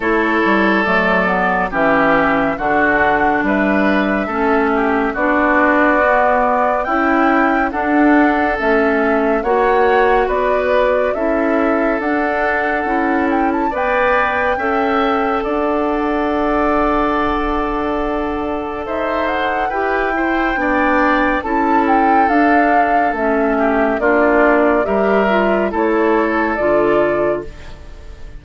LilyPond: <<
  \new Staff \with { instrumentName = "flute" } { \time 4/4 \tempo 4 = 70 cis''4 d''4 e''4 fis''4 | e''2 d''2 | g''4 fis''4 e''4 fis''4 | d''4 e''4 fis''4. g''16 a''16 |
g''2 fis''2~ | fis''2 e''8 fis''8 g''4~ | g''4 a''8 g''8 f''4 e''4 | d''4 e''4 cis''4 d''4 | }
  \new Staff \with { instrumentName = "oboe" } { \time 4/4 a'2 g'4 fis'4 | b'4 a'8 g'8 fis'2 | e'4 a'2 cis''4 | b'4 a'2. |
d''4 e''4 d''2~ | d''2 c''4 b'8 c''8 | d''4 a'2~ a'8 g'8 | f'4 ais'4 a'2 | }
  \new Staff \with { instrumentName = "clarinet" } { \time 4/4 e'4 a8 b8 cis'4 d'4~ | d'4 cis'4 d'4 b4 | e'4 d'4 cis'4 fis'4~ | fis'4 e'4 d'4 e'4 |
b'4 a'2.~ | a'2. g'8 e'8 | d'4 e'4 d'4 cis'4 | d'4 g'8 f'8 e'4 f'4 | }
  \new Staff \with { instrumentName = "bassoon" } { \time 4/4 a8 g8 fis4 e4 d4 | g4 a4 b2 | cis'4 d'4 a4 ais4 | b4 cis'4 d'4 cis'4 |
b4 cis'4 d'2~ | d'2 dis'4 e'4 | b4 cis'4 d'4 a4 | ais4 g4 a4 d4 | }
>>